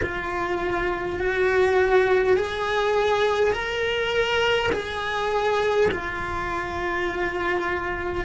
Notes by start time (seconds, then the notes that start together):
0.02 F4
1.19 F#4
2.36 G#4
3.52 A#4
4.72 G#4
5.91 F4